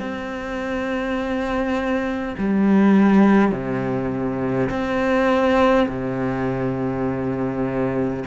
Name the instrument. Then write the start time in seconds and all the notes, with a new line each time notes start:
cello
0.00 C4
2.39 G3
3.52 C3
4.70 C4
5.89 C3